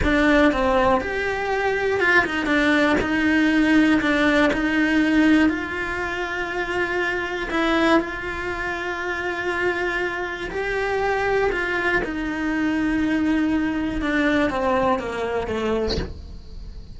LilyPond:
\new Staff \with { instrumentName = "cello" } { \time 4/4 \tempo 4 = 120 d'4 c'4 g'2 | f'8 dis'8 d'4 dis'2 | d'4 dis'2 f'4~ | f'2. e'4 |
f'1~ | f'4 g'2 f'4 | dis'1 | d'4 c'4 ais4 a4 | }